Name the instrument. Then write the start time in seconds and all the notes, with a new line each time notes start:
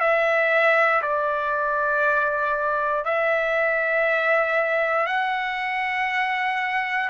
trumpet
0.00 E5
1.02 D5
3.05 E5
5.06 F#5